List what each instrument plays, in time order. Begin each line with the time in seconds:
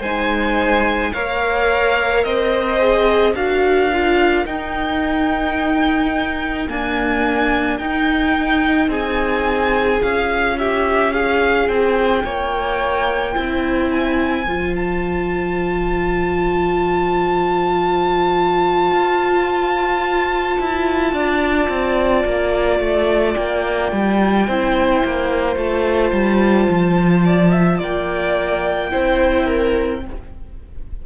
0.00 cello G#3, viola D#4, violin C5 G#5
1.13 cello A#3, viola A#4, violin C#5 F5
2.23 cello C4, violin C5 D#5
2.79 viola G#4
3.34 cello D4, viola F#4, violin A#4 F5
3.92 viola F4
4.46 cello D#4, viola D#4, violin G5
6.68 viola A#3, cello D4, violin G#5
7.78 cello D#4, viola D#4, violin G5
8.87 cello C4, violin G#4 G#5
10.02 cello C#4, viola F4, violin F5
10.58 violin G4 E5
11.13 violin G#4 F5
11.68 cello C4, violin G5
12.24 cello A#3, violin C#5
13.33 cello C4, viola E4, violin C5
13.91 violin G#5
14.47 cello F3, viola F4
14.76 violin A5
18.91 cello F4
20.60 cello E4
21.12 cello D4, violin D5
21.69 cello C4
22.25 cello A#3
22.80 cello A3
23.34 cello A#3, violin G5
23.92 cello G3
24.47 cello C4, viola E4, violin C5
25.04 cello A#3
25.56 cello A3, viola F4, violin A5
26.12 cello G3
26.69 cello F3
27.25 violin D5
27.51 violin E5
27.78 cello A#3, violin D5 G5
28.89 viola E4, violin C5
28.95 cello C4
29.45 violin A#4